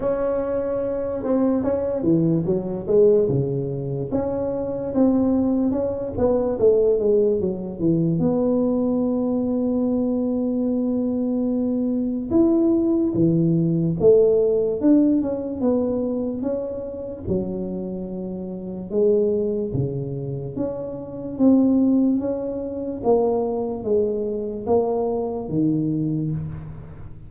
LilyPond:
\new Staff \with { instrumentName = "tuba" } { \time 4/4 \tempo 4 = 73 cis'4. c'8 cis'8 e8 fis8 gis8 | cis4 cis'4 c'4 cis'8 b8 | a8 gis8 fis8 e8 b2~ | b2. e'4 |
e4 a4 d'8 cis'8 b4 | cis'4 fis2 gis4 | cis4 cis'4 c'4 cis'4 | ais4 gis4 ais4 dis4 | }